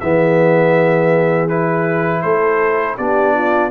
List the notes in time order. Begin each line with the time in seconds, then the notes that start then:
0.00 E3 B3 G#4 E5
1.49 E4 B4
2.22 A3 A4 C5
2.98 B3 D4 G4 D5
3.34 F4